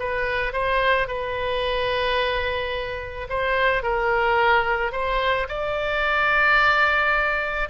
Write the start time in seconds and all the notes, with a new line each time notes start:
0.00 B4
0.53 C5
1.08 B4
3.30 C5
3.83 A#4
4.92 C5
5.49 D5